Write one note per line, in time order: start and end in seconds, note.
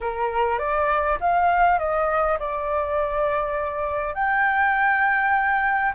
0.00 0.58 A#4
0.58 1.18 D5
1.20 1.78 F5
1.78 2.38 D#5
2.39 4.14 D5
4.14 5.92 G5